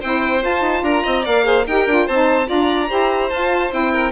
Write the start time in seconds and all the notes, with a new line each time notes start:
0.00 C4 E4 C5 G5
0.40 F4 A5
0.61 D#4
0.82 D4 A#4 A#5
1.03 C4 D#5
1.24 A#3 A#4 D5 F5
1.43 G#4 C5
1.66 D#4 G4 A#4 G5
1.86 D4 F4
2.05 C4 C5 A5
2.12 D#4
2.46 D4 F4 D5 A#5
2.88 E4 G4 C5
3.29 F4 A5
3.70 C4 E4 G5
3.92 A#4